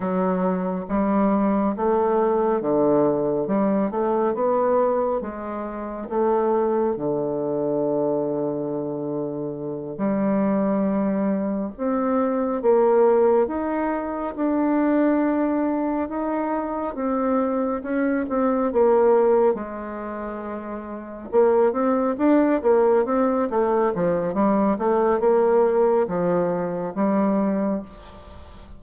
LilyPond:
\new Staff \with { instrumentName = "bassoon" } { \time 4/4 \tempo 4 = 69 fis4 g4 a4 d4 | g8 a8 b4 gis4 a4 | d2.~ d8 g8~ | g4. c'4 ais4 dis'8~ |
dis'8 d'2 dis'4 c'8~ | c'8 cis'8 c'8 ais4 gis4.~ | gis8 ais8 c'8 d'8 ais8 c'8 a8 f8 | g8 a8 ais4 f4 g4 | }